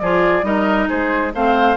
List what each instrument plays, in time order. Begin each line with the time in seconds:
0.00 bassoon F3, clarinet F4, oboe G#4, flute D5
0.43 bassoon G3, clarinet D#4, oboe A#4, flute D#5
0.88 bassoon G#3, oboe G#4, flute C5
1.34 bassoon A3, clarinet C4, oboe C5, flute F5